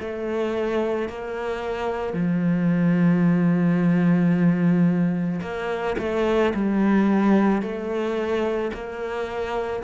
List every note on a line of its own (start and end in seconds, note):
0.00 1.09 A3
1.09 2.13 A#3
2.13 5.40 F3
5.41 5.96 A#3
5.99 6.54 A3
6.55 7.62 G3
7.62 8.71 A3
8.74 9.83 A#3